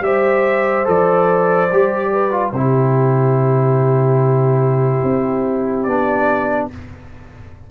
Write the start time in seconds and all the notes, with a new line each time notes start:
0.00 G3 G4 C5 E5
0.85 F3 A4 D5
1.72 G3 G4
2.12 B4
2.31 F4
2.51 C3 E4 G4 C5
5.03 C4
5.83 B3 D4 D5